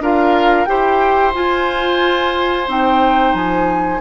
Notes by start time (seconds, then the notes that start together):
0.00 D4 F4 A#4 F5
0.66 E4 G4 C5 G5
1.34 F4 G#5
2.68 C4 D#4 G5
3.34 F3 G#5